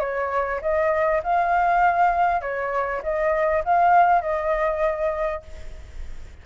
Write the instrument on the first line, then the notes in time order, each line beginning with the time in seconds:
flute
0.00 C#5
0.61 D#5
1.24 F5
2.41 C#5
3.03 D#5
3.65 F5
4.22 D#5